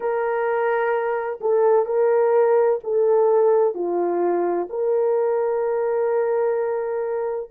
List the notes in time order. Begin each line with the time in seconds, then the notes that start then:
0.00 A#4
1.40 A4
1.85 A#4
2.83 A4
3.74 F4
4.69 A#4